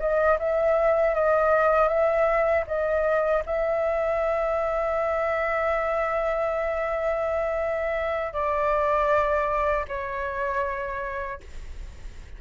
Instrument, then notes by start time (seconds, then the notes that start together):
flute
0.00 D#5
0.39 E5
1.15 D#5
1.88 E5
2.67 D#5
3.46 E5
8.33 D5
9.88 C#5